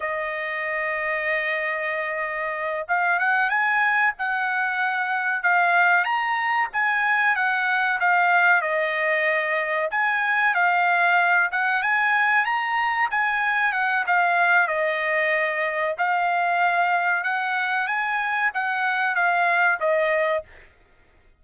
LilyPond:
\new Staff \with { instrumentName = "trumpet" } { \time 4/4 \tempo 4 = 94 dis''1~ | dis''8 f''8 fis''8 gis''4 fis''4.~ | fis''8 f''4 ais''4 gis''4 fis''8~ | fis''8 f''4 dis''2 gis''8~ |
gis''8 f''4. fis''8 gis''4 ais''8~ | ais''8 gis''4 fis''8 f''4 dis''4~ | dis''4 f''2 fis''4 | gis''4 fis''4 f''4 dis''4 | }